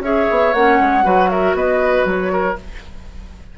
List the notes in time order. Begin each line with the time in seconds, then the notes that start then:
0.00 C#4 G#4 C#5 E5
0.31 B3
0.53 A#3 C#4 F#5
0.80 G#3
1.03 F#3 F#4 B4
1.30 A#4 E5
1.54 B3 B4 D#5
2.05 F#3 C#5
2.32 A#4